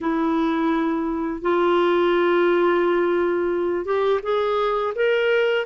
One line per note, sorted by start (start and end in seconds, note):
0.01 1.41 E4
1.41 3.85 F4
3.85 4.20 G4
4.23 4.93 G#4
4.95 5.65 A#4